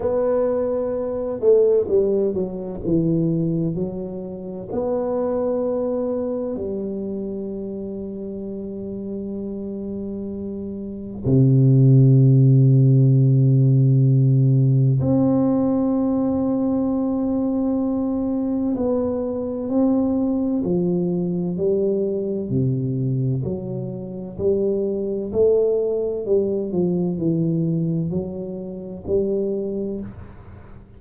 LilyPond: \new Staff \with { instrumentName = "tuba" } { \time 4/4 \tempo 4 = 64 b4. a8 g8 fis8 e4 | fis4 b2 g4~ | g1 | c1 |
c'1 | b4 c'4 f4 g4 | c4 fis4 g4 a4 | g8 f8 e4 fis4 g4 | }